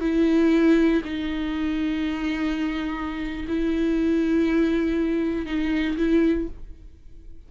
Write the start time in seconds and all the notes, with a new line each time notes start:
0.00 E4
1.04 D#4
3.48 E4
5.46 D#4
5.97 E4